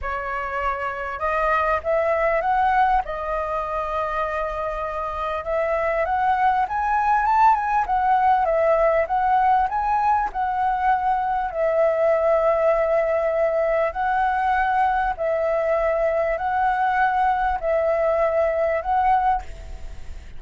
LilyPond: \new Staff \with { instrumentName = "flute" } { \time 4/4 \tempo 4 = 99 cis''2 dis''4 e''4 | fis''4 dis''2.~ | dis''4 e''4 fis''4 gis''4 | a''8 gis''8 fis''4 e''4 fis''4 |
gis''4 fis''2 e''4~ | e''2. fis''4~ | fis''4 e''2 fis''4~ | fis''4 e''2 fis''4 | }